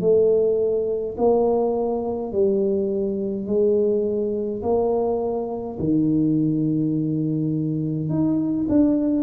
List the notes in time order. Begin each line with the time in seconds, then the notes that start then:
0.00 A3
1.17 A#3
2.32 G3
3.46 G#3
4.62 A#3
5.79 D#3
8.09 D#4
8.69 D4